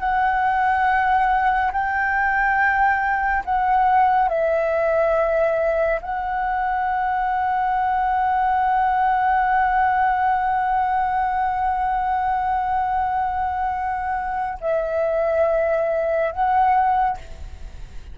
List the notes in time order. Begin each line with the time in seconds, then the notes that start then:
0.00 F#5
1.72 G5
3.45 F#5
4.29 E5
6.01 F#5
14.61 E5
16.32 F#5